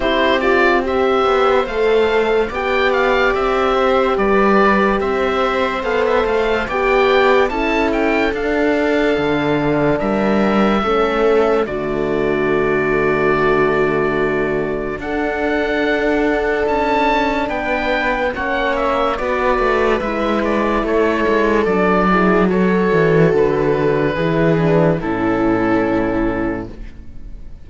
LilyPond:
<<
  \new Staff \with { instrumentName = "oboe" } { \time 4/4 \tempo 4 = 72 c''8 d''8 e''4 f''4 g''8 f''8 | e''4 d''4 e''4 f''16 e''16 f''8 | g''4 a''8 g''8 f''2 | e''2 d''2~ |
d''2 fis''2 | a''4 g''4 fis''8 e''8 d''4 | e''8 d''8 cis''4 d''4 cis''4 | b'2 a'2 | }
  \new Staff \with { instrumentName = "viola" } { \time 4/4 g'4 c''2 d''4~ | d''8 c''8 b'4 c''2 | d''4 a'2. | ais'4 a'4 fis'2~ |
fis'2 a'2~ | a'4 b'4 cis''4 b'4~ | b'4 a'4. gis'8 a'4~ | a'4 gis'4 e'2 | }
  \new Staff \with { instrumentName = "horn" } { \time 4/4 e'8 f'8 g'4 a'4 g'4~ | g'2. a'4 | g'4 e'4 d'2~ | d'4 cis'4 a2~ |
a2 d'2~ | d'2 cis'4 fis'4 | e'2 d'8 e'8 fis'4~ | fis'4 e'8 d'8 cis'2 | }
  \new Staff \with { instrumentName = "cello" } { \time 4/4 c'4. b8 a4 b4 | c'4 g4 c'4 b8 a8 | b4 cis'4 d'4 d4 | g4 a4 d2~ |
d2 d'2 | cis'4 b4 ais4 b8 a8 | gis4 a8 gis8 fis4. e8 | d4 e4 a,2 | }
>>